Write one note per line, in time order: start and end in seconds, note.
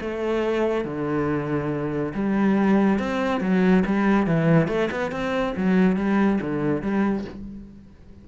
0.00 0.84 A3
0.84 2.13 D3
2.14 2.98 G3
2.98 3.40 C4
3.40 3.83 F#3
3.85 4.26 G3
4.26 4.68 E3
4.68 4.89 A3
4.91 5.11 B3
5.11 5.54 C4
5.56 5.96 F#3
5.96 6.39 G3
6.41 6.81 D3
6.81 7.24 G3